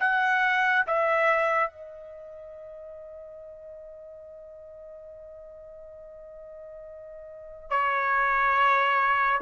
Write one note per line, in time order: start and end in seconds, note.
0.00 0.86 F#5
0.87 1.71 E5
1.71 7.70 D#5
7.70 9.42 C#5